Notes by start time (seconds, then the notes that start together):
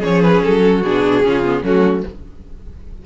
0.00 F3 C#4 G#4 C#5
0.22 B4
0.43 F#3 A4
0.65 F#4
0.83 B2 D4 G#4
1.23 C#3 C#4 F4
1.44 B3
1.63 F#3 A3 C#4 F#4